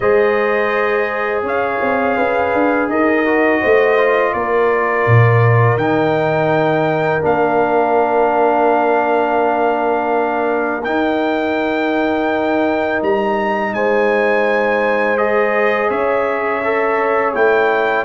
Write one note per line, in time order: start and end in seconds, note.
0.00 1.42 G#3
0.00 3.25 G#4
0.00 1.44 C5
0.00 1.42 D#5
1.42 1.78 C#4
1.42 2.16 C#5
1.42 2.89 F5
1.81 2.17 C4
2.16 2.53 C#4
2.16 2.88 B4
2.53 2.88 D4
2.88 3.60 D#4
2.88 3.60 A#4
2.88 4.33 D#5
3.25 3.97 F#4
3.60 4.33 A3
3.60 4.33 C5
3.97 5.78 F4
4.33 5.05 A#3
4.33 13.74 A#4
4.33 5.77 D5
5.06 5.76 A#2
5.76 7.21 D#3
5.76 7.20 D#4
5.76 7.22 G5
7.20 10.85 A#3
7.20 10.81 D4
7.20 10.83 F5
10.83 13.02 D#4
10.83 15.17 D#4
10.83 13.00 G5
13.02 13.73 G3
13.02 13.74 A#5
13.73 15.90 G#3
13.73 15.89 C5
13.73 15.17 G#5
15.17 16.62 G#4
15.17 15.89 D#5
15.89 17.34 C#4
15.89 18.04 C#5
15.89 17.34 E5
16.63 17.34 A4
17.34 18.04 A3
17.34 18.04 E4
17.34 18.04 G5